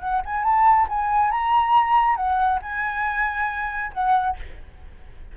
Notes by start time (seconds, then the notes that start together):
0.00 F#5
0.25 G#5
0.43 A5
0.89 G#5
1.31 A#5
2.16 F#5
2.62 G#5
3.93 F#5